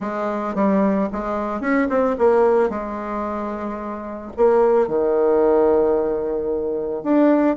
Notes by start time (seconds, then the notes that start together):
0.00 G#3
0.54 G3
1.12 G#3
1.61 C#4
1.89 C4
2.18 A#3
2.69 G#3
4.36 A#3
4.87 D#3
7.03 D4